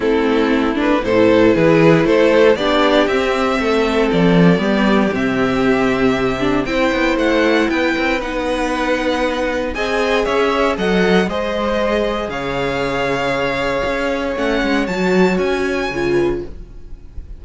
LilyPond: <<
  \new Staff \with { instrumentName = "violin" } { \time 4/4 \tempo 4 = 117 a'4. b'8 c''4 b'4 | c''4 d''4 e''2 | d''2 e''2~ | e''4 g''4 fis''4 g''4 |
fis''2. gis''4 | e''4 fis''4 dis''2 | f''1 | fis''4 a''4 gis''2 | }
  \new Staff \with { instrumentName = "violin" } { \time 4/4 e'2 a'4 gis'4 | a'4 g'2 a'4~ | a'4 g'2.~ | g'4 c''2 b'4~ |
b'2. dis''4 | cis''4 dis''4 c''2 | cis''1~ | cis''2.~ cis''8 b'8 | }
  \new Staff \with { instrumentName = "viola" } { \time 4/4 c'4. d'8 e'2~ | e'4 d'4 c'2~ | c'4 b4 c'2~ | c'8 d'8 e'2. |
dis'2. gis'4~ | gis'4 a'4 gis'2~ | gis'1 | cis'4 fis'2 f'4 | }
  \new Staff \with { instrumentName = "cello" } { \time 4/4 a2 a,4 e4 | a4 b4 c'4 a4 | f4 g4 c2~ | c4 c'8 b8 a4 b8 c'8 |
b2. c'4 | cis'4 fis4 gis2 | cis2. cis'4 | a8 gis8 fis4 cis'4 cis4 | }
>>